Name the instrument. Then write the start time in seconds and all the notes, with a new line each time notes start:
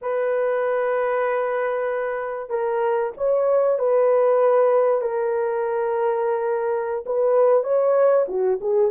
horn
0.01 B4
2.49 A#4
3.17 C#5
3.78 B4
5.01 A#4
7.06 B4
7.63 C#5
8.28 F#4
8.61 G#4